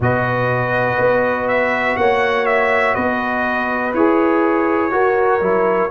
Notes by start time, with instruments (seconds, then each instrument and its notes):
0.00 tuba B2, trombone F#4, horn B4, trumpet D#5
0.98 tuba B3
1.48 trumpet E5
1.96 tuba A#3, horn C#5, trumpet F#5
2.45 trumpet E5
2.94 tuba B3, horn B4, trumpet D#5
3.93 tuba E4, trombone G#4, trumpet C#5
4.90 trombone F#4, tuba F#4, horn A#4
5.41 tuba F#3, trombone E4